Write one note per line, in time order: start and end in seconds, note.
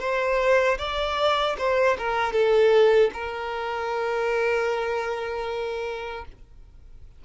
0.00 0.78 C5
0.79 1.57 D5
1.59 1.98 C5
1.99 2.33 A#4
2.33 3.11 A4
3.14 6.26 A#4